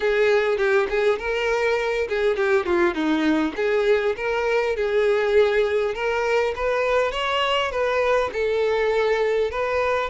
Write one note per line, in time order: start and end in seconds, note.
0.00 0.57 G#4
0.57 0.87 G4
0.89 1.19 G#4
1.19 2.08 A#4
2.08 2.36 G#4
2.36 2.65 G4
2.65 2.94 F4
2.94 3.53 D#4
3.56 4.15 G#4
4.16 4.76 A#4
4.76 5.94 G#4
5.94 6.53 A#4
6.55 7.11 B4
7.11 7.71 C#5
7.71 8.30 B4
8.32 9.50 A4
9.50 10.10 B4